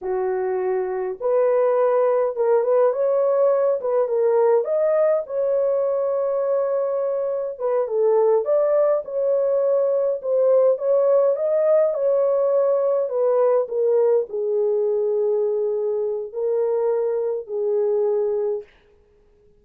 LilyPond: \new Staff \with { instrumentName = "horn" } { \time 4/4 \tempo 4 = 103 fis'2 b'2 | ais'8 b'8 cis''4. b'8 ais'4 | dis''4 cis''2.~ | cis''4 b'8 a'4 d''4 cis''8~ |
cis''4. c''4 cis''4 dis''8~ | dis''8 cis''2 b'4 ais'8~ | ais'8 gis'2.~ gis'8 | ais'2 gis'2 | }